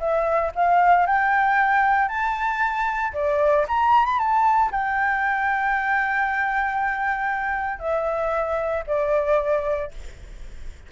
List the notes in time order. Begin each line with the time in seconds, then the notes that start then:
0.00 E5
0.56 F5
1.07 G5
2.09 A5
3.14 D5
3.69 A#5
4.06 B5
4.19 A5
4.72 G5
7.80 E5
8.87 D5